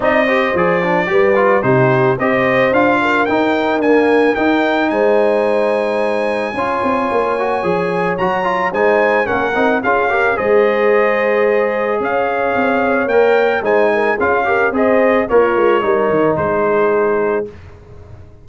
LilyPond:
<<
  \new Staff \with { instrumentName = "trumpet" } { \time 4/4 \tempo 4 = 110 dis''4 d''2 c''4 | dis''4 f''4 g''4 gis''4 | g''4 gis''2.~ | gis''2. ais''4 |
gis''4 fis''4 f''4 dis''4~ | dis''2 f''2 | g''4 gis''4 f''4 dis''4 | cis''2 c''2 | }
  \new Staff \with { instrumentName = "horn" } { \time 4/4 d''8 c''4. b'4 g'4 | c''4. ais'2~ ais'8~ | ais'4 c''2. | cis''1 |
c''4 ais'4 gis'8 ais'8 c''4~ | c''2 cis''2~ | cis''4 c''8 ais'8 gis'8 ais'8 c''4 | f'4 ais'4 gis'2 | }
  \new Staff \with { instrumentName = "trombone" } { \time 4/4 dis'8 g'8 gis'8 d'8 g'8 f'8 dis'4 | g'4 f'4 dis'4 ais4 | dis'1 | f'4. fis'8 gis'4 fis'8 f'8 |
dis'4 cis'8 dis'8 f'8 g'8 gis'4~ | gis'1 | ais'4 dis'4 f'8 g'8 gis'4 | ais'4 dis'2. | }
  \new Staff \with { instrumentName = "tuba" } { \time 4/4 c'4 f4 g4 c4 | c'4 d'4 dis'4 d'4 | dis'4 gis2. | cis'8 c'8 ais4 f4 fis4 |
gis4 ais8 c'8 cis'4 gis4~ | gis2 cis'4 c'4 | ais4 gis4 cis'4 c'4 | ais8 gis8 g8 dis8 gis2 | }
>>